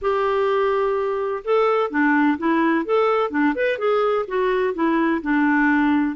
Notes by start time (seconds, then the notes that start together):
0.01 G4
1.44 A4
1.90 D4
2.38 E4
2.85 A4
3.30 D4
3.55 B4
3.78 G#4
4.27 F#4
4.74 E4
5.22 D4